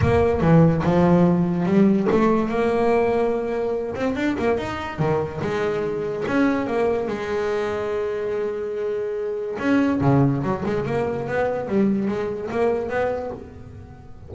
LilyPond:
\new Staff \with { instrumentName = "double bass" } { \time 4/4 \tempo 4 = 144 ais4 e4 f2 | g4 a4 ais2~ | ais4. c'8 d'8 ais8 dis'4 | dis4 gis2 cis'4 |
ais4 gis2.~ | gis2. cis'4 | cis4 fis8 gis8 ais4 b4 | g4 gis4 ais4 b4 | }